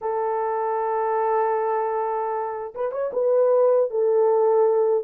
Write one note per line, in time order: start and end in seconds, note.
0.01 2.73 A4
2.74 2.91 B4
2.91 3.11 C#5
3.12 3.90 B4
3.90 5.04 A4